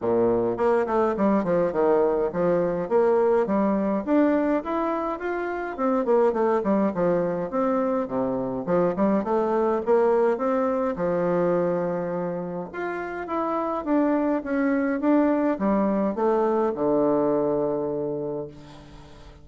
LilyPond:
\new Staff \with { instrumentName = "bassoon" } { \time 4/4 \tempo 4 = 104 ais,4 ais8 a8 g8 f8 dis4 | f4 ais4 g4 d'4 | e'4 f'4 c'8 ais8 a8 g8 | f4 c'4 c4 f8 g8 |
a4 ais4 c'4 f4~ | f2 f'4 e'4 | d'4 cis'4 d'4 g4 | a4 d2. | }